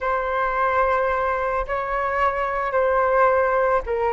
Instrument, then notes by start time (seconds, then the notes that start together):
flute
0.01 C5
1.67 C#5
2.71 C5
3.86 A#4